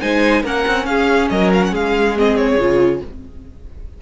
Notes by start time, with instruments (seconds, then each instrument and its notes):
0.00 cello G#3, viola D#4, violin C5 G#5
0.42 cello A#3, viola C#4, violin A#4 F#5
0.67 cello C4
0.86 cello C#4, violin G#4 F5
1.30 cello F#3, violin A#4 D#5
1.53 violin F5
1.63 violin F#5
1.72 cello G#3, violin G#4 F5
2.17 viola C4, violin D#5
2.36 violin C#5
2.58 cello C#3, viola F4